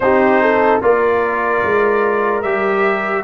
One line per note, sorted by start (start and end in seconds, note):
0.00 0.79 C4
0.00 0.81 D#4
0.00 0.41 G4
0.00 0.81 C5
0.41 0.81 A4
0.81 1.63 A#3
0.81 2.43 F4
0.81 3.23 A#4
0.81 2.42 D5
1.63 2.43 G#3
2.42 3.23 G3
2.42 3.23 G4
2.42 3.23 E5